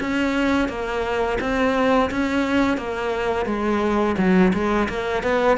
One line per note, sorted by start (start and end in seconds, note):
0.00 0.68 C#4
0.68 1.38 A#3
1.40 2.10 C4
2.11 2.77 C#4
2.77 3.46 A#3
3.46 4.15 G#3
4.18 4.53 F#3
4.53 4.88 G#3
4.89 5.23 A#3
5.23 5.58 B3